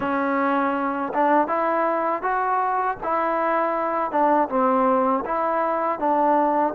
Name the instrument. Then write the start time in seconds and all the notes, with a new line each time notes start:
trombone
0.00 C#4
1.13 D4
1.47 E4
2.22 F#4
3.03 E4
4.10 D4
4.48 C4
5.25 E4
5.99 D4